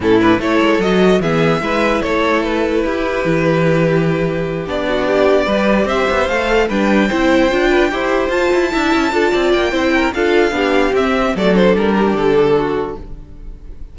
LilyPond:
<<
  \new Staff \with { instrumentName = "violin" } { \time 4/4 \tempo 4 = 148 a'8 b'8 cis''4 dis''4 e''4~ | e''4 cis''4 b'2~ | b'2.~ b'8 d''8~ | d''2~ d''8 e''4 f''8~ |
f''8 g''2.~ g''8~ | g''8 a''2. g''8~ | g''4 f''2 e''4 | d''8 c''8 ais'4 a'2 | }
  \new Staff \with { instrumentName = "violin" } { \time 4/4 e'4 a'2 gis'4 | b'4 a'2 g'4~ | g'1 | fis'8 g'4 b'4 c''4.~ |
c''8 b'4 c''4. b'8 c''8~ | c''4. e''4 a'8 d''4 | c''8 ais'8 a'4 g'2 | a'4. g'4. fis'4 | }
  \new Staff \with { instrumentName = "viola" } { \time 4/4 cis'8 d'8 e'4 fis'4 b4 | e'1~ | e'2.~ e'8 d'8~ | d'4. g'2 a'8~ |
a'8 d'4 e'4 f'4 g'8~ | g'8 f'4 e'4 f'4. | e'4 f'4 d'4 c'4 | a8 d'2.~ d'8 | }
  \new Staff \with { instrumentName = "cello" } { \time 4/4 a,4 a8 gis8 fis4 e4 | gis4 a2 e'4 | e2.~ e8 b8~ | b4. g4 c'8 b8 a8~ |
a8 g4 c'4 d'4 e'8~ | e'8 f'8 e'8 d'8 cis'8 d'8 c'8 ais8 | c'4 d'4 b4 c'4 | fis4 g4 d2 | }
>>